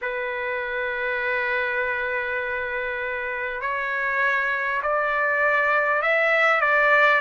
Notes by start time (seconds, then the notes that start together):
0.01 B4
3.61 C#5
4.82 D5
6.02 E5
6.61 D5